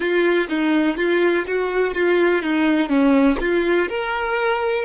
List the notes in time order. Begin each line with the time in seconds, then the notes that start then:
0.00 F4
0.49 D#4
0.97 F4
1.46 F#4
1.94 F4
2.42 D#4
2.89 C#4
3.40 F4
3.88 A#4